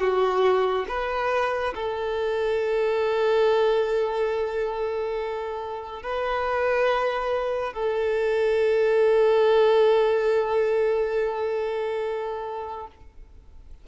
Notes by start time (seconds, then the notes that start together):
0.00 F#4
0.88 B4
1.74 A4
6.02 B4
7.73 A4